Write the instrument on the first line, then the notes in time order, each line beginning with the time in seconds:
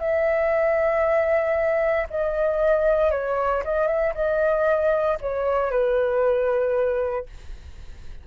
flute
0.00 E5
2.10 D#5
3.11 C#5
3.65 D#5
3.87 E5
4.15 D#5
5.21 C#5
5.71 B4